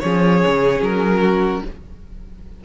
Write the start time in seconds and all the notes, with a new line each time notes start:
0.00 F3 C#4 G#4 C#5
0.47 C#3
0.81 F#3 A#4
1.20 F#4